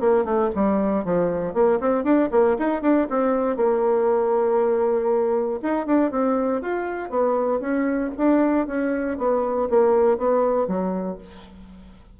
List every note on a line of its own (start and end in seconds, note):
0.00 0.24 A#3
0.24 0.50 A3
0.55 1.04 G3
1.04 1.54 F3
1.54 1.79 A#3
1.80 2.04 C4
2.04 2.29 D4
2.31 2.57 A#3
2.59 2.82 D#4
2.82 3.07 D4
3.10 3.57 C4
3.57 5.60 A#3
5.62 5.86 D#4
5.86 6.11 D4
6.11 6.62 C4
6.62 7.10 F4
7.10 7.60 B3
7.60 8.11 C#4
8.17 8.67 D4
8.67 9.18 C#4
9.18 9.69 B3
9.70 10.18 A#3
10.18 10.67 B3
10.67 11.18 F#3